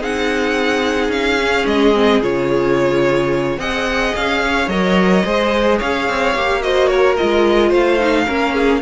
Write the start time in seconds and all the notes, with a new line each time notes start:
0.00 C4 D#4 G#4 F#5
1.08 C#4 F5
1.39 C#4
1.66 G#3 D#5
1.94 C4
2.21 C#3 F4 C#5
3.57 C4 G#4 D#5 F#5
4.15 C#4 F5
4.44 C#5
4.68 F#3 A#4 D#5
5.24 G#3 G#4 C5
5.78 C#4 C#5 F5
6.09 C4
6.35 A#3 G4
6.61 F#4 C5 D#5
6.87 A#4 C#5
7.17 G#3 F4 D#5
7.68 A3 C5 F5
7.99 D#4
8.26 A#3 C#4 A#4
8.53 G#4